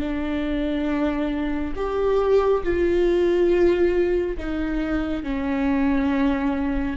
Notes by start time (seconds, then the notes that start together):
0.00 D4
1.76 G4
2.63 F4
4.38 D#4
5.23 C#4